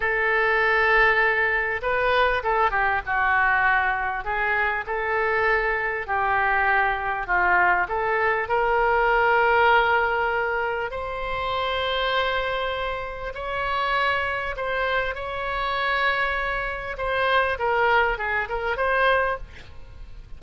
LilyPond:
\new Staff \with { instrumentName = "oboe" } { \time 4/4 \tempo 4 = 99 a'2. b'4 | a'8 g'8 fis'2 gis'4 | a'2 g'2 | f'4 a'4 ais'2~ |
ais'2 c''2~ | c''2 cis''2 | c''4 cis''2. | c''4 ais'4 gis'8 ais'8 c''4 | }